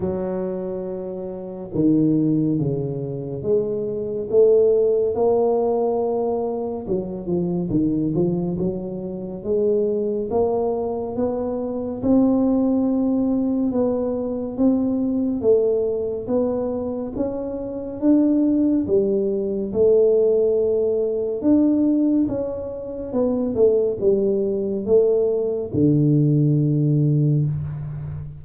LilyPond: \new Staff \with { instrumentName = "tuba" } { \time 4/4 \tempo 4 = 70 fis2 dis4 cis4 | gis4 a4 ais2 | fis8 f8 dis8 f8 fis4 gis4 | ais4 b4 c'2 |
b4 c'4 a4 b4 | cis'4 d'4 g4 a4~ | a4 d'4 cis'4 b8 a8 | g4 a4 d2 | }